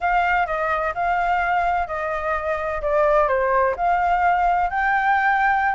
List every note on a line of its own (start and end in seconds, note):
0.00 0.46 F5
0.46 0.93 D#5
0.94 1.87 F5
1.87 2.81 D#5
2.81 3.27 D5
3.27 3.74 C5
3.76 4.70 F5
4.70 5.74 G5